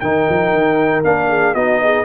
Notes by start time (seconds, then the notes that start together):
0.00 D#3 D#4 A#4 G5
0.29 F3
0.52 D#3
1.04 A#3 D4 F5
1.29 G#4
1.54 B3 D#4 F#4 D#5
1.83 G#4